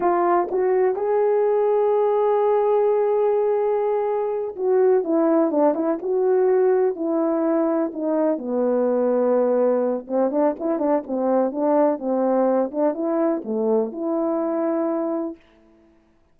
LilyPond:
\new Staff \with { instrumentName = "horn" } { \time 4/4 \tempo 4 = 125 f'4 fis'4 gis'2~ | gis'1~ | gis'4. fis'4 e'4 d'8 | e'8 fis'2 e'4.~ |
e'8 dis'4 b2~ b8~ | b4 c'8 d'8 e'8 d'8 c'4 | d'4 c'4. d'8 e'4 | a4 e'2. | }